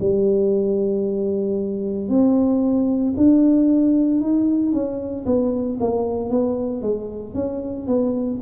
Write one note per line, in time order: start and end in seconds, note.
0.00 2.09 G3
2.09 3.14 C4
3.17 4.21 D4
4.21 4.72 D#4
4.72 5.25 C#4
5.26 5.78 B3
5.80 6.30 A#3
6.30 6.82 B3
6.82 7.34 G#3
7.34 7.87 C#4
7.87 8.40 B3